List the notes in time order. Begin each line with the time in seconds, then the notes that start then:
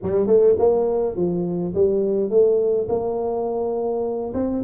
0.02 G3
0.26 A3
0.58 A#3
1.16 F3
1.74 G3
2.30 A3
2.88 A#3
4.34 C4